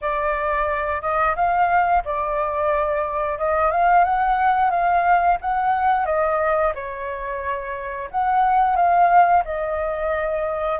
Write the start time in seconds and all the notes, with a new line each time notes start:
0.01 D5
1.01 D#5
1.35 F5
2.04 D5
3.38 D#5
3.71 F5
4.04 F#5
4.70 F5
5.41 F#5
6.05 D#5
6.74 C#5
8.11 F#5
8.75 F5
9.44 D#5